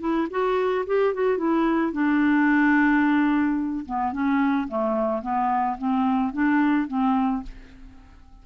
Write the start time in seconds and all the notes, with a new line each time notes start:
0.00 E4
0.30 F#4
0.86 G4
1.14 F#4
1.38 E4
1.92 D4
3.86 B3
4.12 C#4
4.68 A3
5.22 B3
5.78 C4
6.33 D4
6.88 C4